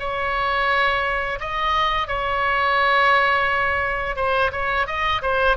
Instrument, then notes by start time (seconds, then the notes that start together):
oboe
0.00 C#5
1.40 D#5
2.08 C#5
4.16 C5
4.52 C#5
4.87 D#5
5.22 C5